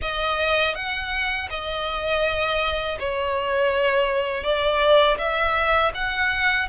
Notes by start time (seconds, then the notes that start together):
0.01 D#5
0.74 F#5
1.50 D#5
2.99 C#5
4.43 D5
5.18 E5
5.94 F#5